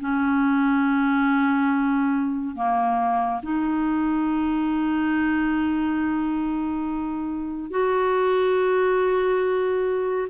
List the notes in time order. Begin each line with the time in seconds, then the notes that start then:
0.00 C#4
2.55 A#3
3.42 D#4
7.70 F#4